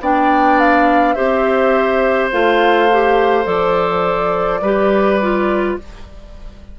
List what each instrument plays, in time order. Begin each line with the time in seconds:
0.00 bassoon B3, clarinet D4, oboe D5, flute G5
0.59 flute F5
1.13 bassoon C4, clarinet G4, oboe C5, flute E5
2.31 bassoon A3, clarinet F4, flute F5
2.92 clarinet G4
3.44 bassoon F3, clarinet A4, flute D5
4.61 bassoon G3, clarinet G4, oboe B4
5.21 clarinet F4